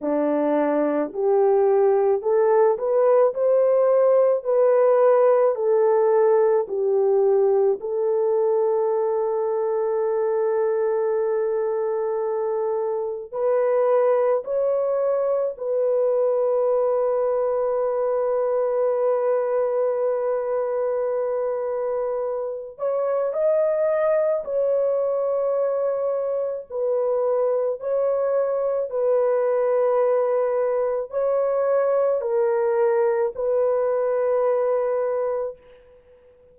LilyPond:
\new Staff \with { instrumentName = "horn" } { \time 4/4 \tempo 4 = 54 d'4 g'4 a'8 b'8 c''4 | b'4 a'4 g'4 a'4~ | a'1 | b'4 cis''4 b'2~ |
b'1~ | b'8 cis''8 dis''4 cis''2 | b'4 cis''4 b'2 | cis''4 ais'4 b'2 | }